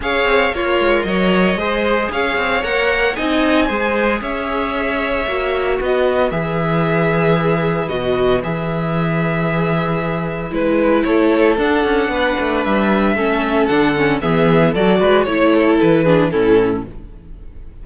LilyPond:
<<
  \new Staff \with { instrumentName = "violin" } { \time 4/4 \tempo 4 = 114 f''4 cis''4 dis''2 | f''4 fis''4 gis''2 | e''2. dis''4 | e''2. dis''4 |
e''1 | b'4 cis''4 fis''2 | e''2 fis''4 e''4 | d''4 cis''4 b'4 a'4 | }
  \new Staff \with { instrumentName = "violin" } { \time 4/4 cis''4 f'4 cis''4 c''4 | cis''2 dis''4 c''4 | cis''2. b'4~ | b'1~ |
b'1~ | b'4 a'2 b'4~ | b'4 a'2 gis'4 | a'8 b'8 cis''8 a'4 gis'8 e'4 | }
  \new Staff \with { instrumentName = "viola" } { \time 4/4 gis'4 ais'2 gis'4~ | gis'4 ais'4 dis'4 gis'4~ | gis'2 fis'2 | gis'2. fis'4 |
gis'1 | e'2 d'2~ | d'4 cis'4 d'8 cis'8 b4 | fis'4 e'4. d'8 cis'4 | }
  \new Staff \with { instrumentName = "cello" } { \time 4/4 cis'8 c'8 ais8 gis8 fis4 gis4 | cis'8 c'8 ais4 c'4 gis4 | cis'2 ais4 b4 | e2. b,4 |
e1 | gis4 a4 d'8 cis'8 b8 a8 | g4 a4 d4 e4 | fis8 gis8 a4 e4 a,4 | }
>>